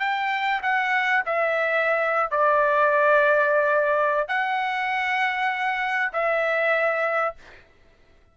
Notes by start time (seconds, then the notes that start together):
0.00 G5
0.63 F#5
1.26 E5
2.31 D5
4.29 F#5
6.13 E5